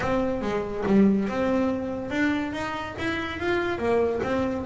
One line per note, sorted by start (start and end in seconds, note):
0.00 0.41 C4
0.41 0.83 G#3
0.86 1.28 G3
1.28 2.10 C4
2.10 2.52 D4
2.52 2.95 D#4
2.98 3.39 E4
3.39 3.78 F4
3.78 4.20 A#3
4.23 4.65 C4